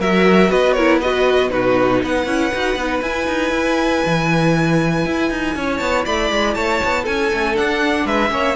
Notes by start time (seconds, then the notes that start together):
0.00 F#3 F#4 A#4 E5
0.50 B3 B4 D#5
0.73 E4 A#4 C#5
1.00 F#4 B4 D#5
1.50 B2 D#4 F#4 B4
2.03 B3 B4 F#5
2.27 C#4 E4
2.54 D#4 F#4
2.76 B3 D#4
3.02 E4 G#5
3.27 D#4
3.51 E4
4.06 E3
5.06 E4
5.30 D#4
5.56 C#4 C#5
5.78 B3 A5
6.06 A3 D5 B5
6.31 G#3
6.55 A3 C#5 A5
6.85 B3
7.03 C#4 A4 G#5
7.31 A3 C#4
7.55 D4 F#5
8.06 G#3 B4 E5
8.30 A#3 C#4 C#5